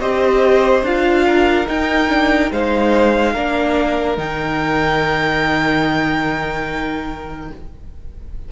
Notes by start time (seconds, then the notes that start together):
0.00 C4 G4 C5 D#5
0.83 D4 F4 F5
1.27 A#4
1.67 D#4 G5
2.09 D4
2.52 G#3 D#4 C5 F5
3.33 A#3 D4 A#4
4.18 D#3 D#4 G5